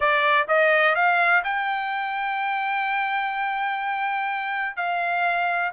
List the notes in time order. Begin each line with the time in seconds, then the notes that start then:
0.00 D5
0.48 D#5
0.95 F5
1.44 G5
4.76 F5